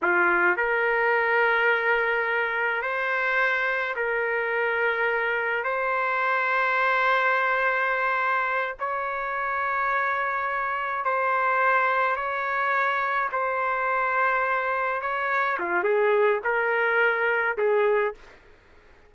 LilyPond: \new Staff \with { instrumentName = "trumpet" } { \time 4/4 \tempo 4 = 106 f'4 ais'2.~ | ais'4 c''2 ais'4~ | ais'2 c''2~ | c''2.~ c''8 cis''8~ |
cis''2.~ cis''8 c''8~ | c''4. cis''2 c''8~ | c''2~ c''8 cis''4 f'8 | gis'4 ais'2 gis'4 | }